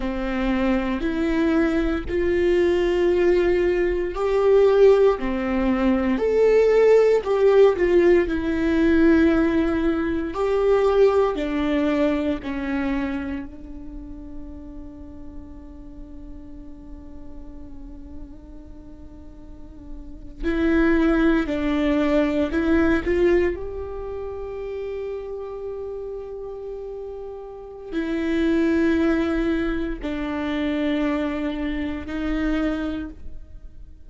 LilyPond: \new Staff \with { instrumentName = "viola" } { \time 4/4 \tempo 4 = 58 c'4 e'4 f'2 | g'4 c'4 a'4 g'8 f'8 | e'2 g'4 d'4 | cis'4 d'2.~ |
d'2.~ d'8. e'16~ | e'8. d'4 e'8 f'8 g'4~ g'16~ | g'2. e'4~ | e'4 d'2 dis'4 | }